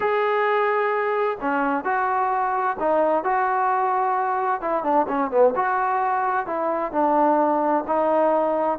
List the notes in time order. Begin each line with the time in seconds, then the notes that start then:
0.00 G#4
1.40 C#4
1.84 F#4
2.79 D#4
3.23 F#4
4.61 E4
4.83 D4
5.07 C#4
5.31 B3
5.55 F#4
6.46 E4
6.92 D4
7.87 D#4